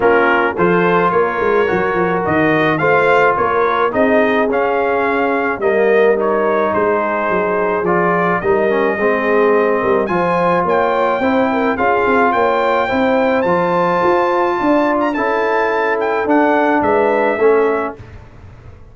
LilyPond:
<<
  \new Staff \with { instrumentName = "trumpet" } { \time 4/4 \tempo 4 = 107 ais'4 c''4 cis''2 | dis''4 f''4 cis''4 dis''4 | f''2 dis''4 cis''4 | c''2 d''4 dis''4~ |
dis''2 gis''4 g''4~ | g''4 f''4 g''2 | a''2~ a''8. ais''16 a''4~ | a''8 g''8 fis''4 e''2 | }
  \new Staff \with { instrumentName = "horn" } { \time 4/4 f'4 a'4 ais'2~ | ais'4 c''4 ais'4 gis'4~ | gis'2 ais'2 | gis'2. ais'4 |
gis'4. ais'8 c''4 cis''4 | c''8 ais'8 gis'4 cis''4 c''4~ | c''2 d''4 a'4~ | a'2 b'4 a'4 | }
  \new Staff \with { instrumentName = "trombone" } { \time 4/4 cis'4 f'2 fis'4~ | fis'4 f'2 dis'4 | cis'2 ais4 dis'4~ | dis'2 f'4 dis'8 cis'8 |
c'2 f'2 | e'4 f'2 e'4 | f'2. e'4~ | e'4 d'2 cis'4 | }
  \new Staff \with { instrumentName = "tuba" } { \time 4/4 ais4 f4 ais8 gis8 fis8 f8 | dis4 a4 ais4 c'4 | cis'2 g2 | gis4 fis4 f4 g4 |
gis4. g8 f4 ais4 | c'4 cis'8 c'8 ais4 c'4 | f4 f'4 d'4 cis'4~ | cis'4 d'4 gis4 a4 | }
>>